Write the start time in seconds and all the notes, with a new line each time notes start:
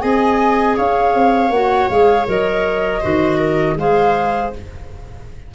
0.00 C4 G#4 D#5 G#5
0.76 C#4 C#5 F5
1.15 C4
1.49 A#3 F#4 F#5
1.89 G#3 G#4 F5
2.26 F#3 A#4 D#5
3.00 D#3 F#4 C5
3.37 A#4
3.75 G#3 G#4 C5 F5